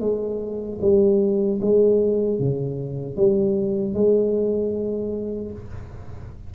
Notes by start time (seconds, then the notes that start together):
0.00 G#3
0.81 G3
1.61 G#3
2.39 C#3
3.16 G3
3.94 G#3